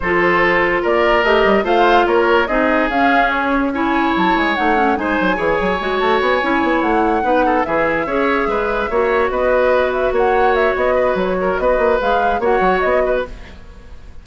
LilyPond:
<<
  \new Staff \with { instrumentName = "flute" } { \time 4/4 \tempo 4 = 145 c''2 d''4 dis''4 | f''4 cis''4 dis''4 f''4 | cis''4 gis''4 a''8 gis''8 fis''4 | gis''2~ gis''8 a''8 gis''4~ |
gis''8 fis''2 e''4.~ | e''2~ e''8 dis''4. | e''8 fis''4 e''8 dis''4 cis''4 | dis''4 f''4 fis''4 dis''4 | }
  \new Staff \with { instrumentName = "oboe" } { \time 4/4 a'2 ais'2 | c''4 ais'4 gis'2~ | gis'4 cis''2. | c''4 cis''2.~ |
cis''4. b'8 a'8 gis'4 cis''8~ | cis''8 b'4 cis''4 b'4.~ | b'8 cis''2 b'4 ais'8 | b'2 cis''4. b'8 | }
  \new Staff \with { instrumentName = "clarinet" } { \time 4/4 f'2. g'4 | f'2 dis'4 cis'4~ | cis'4 e'2 dis'8 cis'8 | dis'4 gis'4 fis'4. e'8~ |
e'4. dis'4 e'4 gis'8~ | gis'4. fis'2~ fis'8~ | fis'1~ | fis'4 gis'4 fis'2 | }
  \new Staff \with { instrumentName = "bassoon" } { \time 4/4 f2 ais4 a8 g8 | a4 ais4 c'4 cis'4~ | cis'2 fis8 gis8 a4 | gis8 fis8 e8 fis8 gis8 a8 b8 cis'8 |
b8 a4 b4 e4 cis'8~ | cis'8 gis4 ais4 b4.~ | b8 ais4. b4 fis4 | b8 ais8 gis4 ais8 fis8 b4 | }
>>